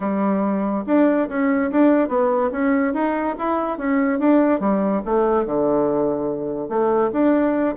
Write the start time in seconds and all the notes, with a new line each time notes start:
0.00 G3
0.86 D4
1.29 C#4
1.71 D4
2.08 B3
2.51 C#4
2.93 D#4
3.38 E4
3.78 C#4
4.19 D4
4.60 G3
5.05 A3
5.45 D3
6.68 A3
7.12 D4